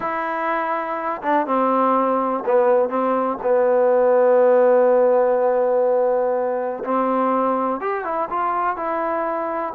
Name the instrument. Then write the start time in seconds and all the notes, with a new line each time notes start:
trombone
0.00 E4
1.22 D4
1.46 C4
2.45 B3
2.89 C4
3.42 B3
6.84 C4
7.80 G4
8.04 E4
8.29 F4
8.76 E4